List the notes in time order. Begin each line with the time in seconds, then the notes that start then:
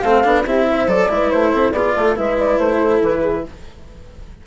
0.00 A3 C4 A4 F5
0.24 B3 D4
0.46 C4 E4 G4 E5
0.69 C5
0.87 F#3 A4 D5
1.09 G#3 E4 B4
1.30 A3 C5
1.53 C4 A4
1.72 B3 F4 G#4 D5
1.96 A3 A4
2.16 G#3 E4 B4 E5
2.39 D5
2.58 A3 C5
2.80 A4
3.02 E3 B4
3.21 G#4